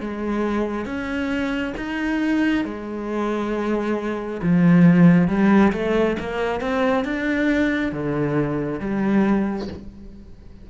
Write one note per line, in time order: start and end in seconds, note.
0.00 0.85 G#3
0.85 1.73 C#4
1.77 2.64 D#4
2.64 4.41 G#3
4.42 5.27 F3
5.27 5.72 G3
5.72 6.16 A3
6.19 6.60 A#3
6.60 7.04 C4
7.04 7.92 D4
7.92 8.80 D3
8.80 9.68 G3